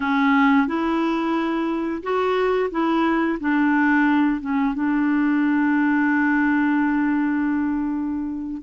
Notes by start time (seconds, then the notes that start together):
0.00 C#4
0.67 E4
2.02 F#4
2.71 E4
3.40 D4
4.40 C#4
4.74 D4